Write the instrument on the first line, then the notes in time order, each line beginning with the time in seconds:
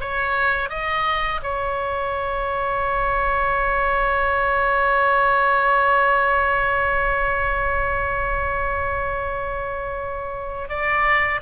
oboe
0.00 C#5
0.69 D#5
1.43 C#5
10.69 D5